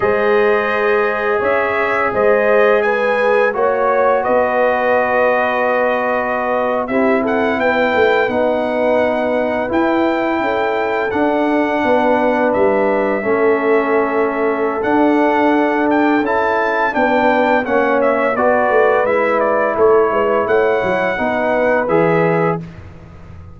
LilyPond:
<<
  \new Staff \with { instrumentName = "trumpet" } { \time 4/4 \tempo 4 = 85 dis''2 e''4 dis''4 | gis''4 cis''4 dis''2~ | dis''4.~ dis''16 e''8 fis''8 g''4 fis''16~ | fis''4.~ fis''16 g''2 fis''16~ |
fis''4.~ fis''16 e''2~ e''16~ | e''4 fis''4. g''8 a''4 | g''4 fis''8 e''8 d''4 e''8 d''8 | cis''4 fis''2 e''4 | }
  \new Staff \with { instrumentName = "horn" } { \time 4/4 c''2 cis''4 c''4 | b'4 cis''4 b'2~ | b'4.~ b'16 g'8 a'8 b'4~ b'16~ | b'2~ b'8. a'4~ a'16~ |
a'8. b'2 a'4~ a'16~ | a'1 | b'4 cis''4 b'2 | a'8 b'8 cis''4 b'2 | }
  \new Staff \with { instrumentName = "trombone" } { \time 4/4 gis'1~ | gis'4 fis'2.~ | fis'4.~ fis'16 e'2 dis'16~ | dis'4.~ dis'16 e'2 d'16~ |
d'2~ d'8. cis'4~ cis'16~ | cis'4 d'2 e'4 | d'4 cis'4 fis'4 e'4~ | e'2 dis'4 gis'4 | }
  \new Staff \with { instrumentName = "tuba" } { \time 4/4 gis2 cis'4 gis4~ | gis4 ais4 b2~ | b4.~ b16 c'4 b8 a8 b16~ | b4.~ b16 e'4 cis'4 d'16~ |
d'8. b4 g4 a4~ a16~ | a4 d'2 cis'4 | b4 ais4 b8 a8 gis4 | a8 gis8 a8 fis8 b4 e4 | }
>>